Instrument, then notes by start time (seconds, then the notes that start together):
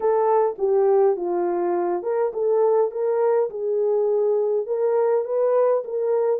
horn
0.00 A4
0.58 G4
1.16 F4
2.02 A#4
2.33 A4
2.91 A#4
3.50 G#4
4.66 A#4
5.25 B4
5.84 A#4